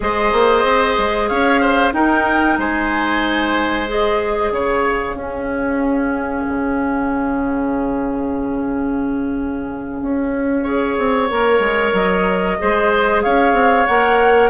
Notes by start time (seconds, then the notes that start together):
0.00 G#3 G#4 C5 D#5
0.32 A#3
0.63 C4
0.98 G#3
1.28 C#4 C#5 F5
1.60 C5
1.92 D#4 A#4 G5
2.58 G#3 C5 G#5
3.87 G#4 D#5
4.51 C#3 C#5 F5
5.14 C#4 G#4
6.48 C#3
10.01 C#4
10.63 G#4 C#5
10.97 C4
11.29 A#3 A#4
11.59 G#3
11.92 F#3 D#5
12.59 G#3 G#4 C5
13.22 C#4 C#5 F5
13.52 C4
13.86 A#3 A#4 F#5